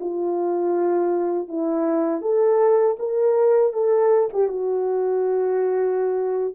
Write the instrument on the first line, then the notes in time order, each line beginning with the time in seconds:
horn
0.00 F4
1.48 E4
2.21 A4
2.99 A#4
3.73 A4
4.33 G4
4.48 F#4